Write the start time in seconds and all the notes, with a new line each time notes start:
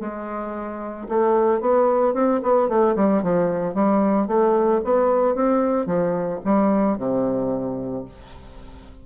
0.00 G#3
1.08 A3
1.60 B3
2.14 C4
2.42 B3
2.69 A3
2.96 G3
3.23 F3
3.74 G3
4.27 A3
4.84 B3
5.35 C4
5.86 F3
6.44 G3
6.98 C3